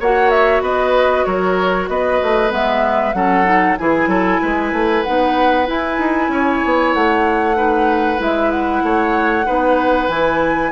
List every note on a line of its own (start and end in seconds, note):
0.00 0.61 A#3
0.00 2.49 F#4
0.00 0.63 C#5
0.00 0.30 F#5
0.30 0.62 E5
0.61 1.24 B3
0.61 1.26 B4
0.61 1.25 D#5
1.25 1.89 F#3
1.25 1.89 A#4
1.25 1.88 C#5
1.89 2.20 B3
1.89 3.16 B4
1.89 2.52 D#5
2.22 2.51 A3
2.49 3.14 G#3
2.49 3.12 B3
2.49 3.13 E5
3.13 3.77 F#3
3.13 3.44 C#4
3.13 3.79 A4
3.13 3.76 F#5
3.44 3.76 D#4
3.77 4.07 E3
3.77 5.05 E4
3.77 4.09 G#4
3.77 5.03 G#5
4.07 4.39 F#3
4.07 4.41 A4
4.42 4.72 G#3
4.42 6.31 B4
4.72 5.04 A3
5.03 5.68 B3
5.03 5.66 D#4
5.03 5.67 F#5
5.66 7.55 E4
5.66 5.98 E4
5.66 6.94 G#5
5.98 6.28 D#4
6.28 6.60 C#4
6.28 7.56 C#5
6.65 6.94 B3
6.94 8.20 A3
6.94 8.20 F#5
7.55 8.18 D#4
7.55 8.83 B4
8.18 8.83 G#3
8.18 9.44 E4
8.18 8.51 E5
8.51 10.09 F#5
8.83 9.46 A3
8.83 9.46 C#5
9.45 10.08 B3
9.45 10.08 D#4
9.45 10.72 B4
10.08 10.72 E3
10.08 10.72 E4
10.08 10.72 G#5